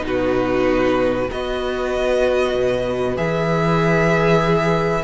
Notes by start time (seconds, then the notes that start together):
0.00 B2 D#4 B4
0.08 F#4
1.29 B3 F#4 B4 D#5
2.55 B2
3.17 E3 G#4 E5